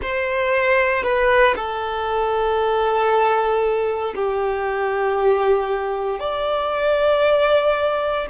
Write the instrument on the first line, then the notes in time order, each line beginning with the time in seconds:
violin
0.01 C5
1.03 B4
1.55 A4
4.14 G4
6.19 D5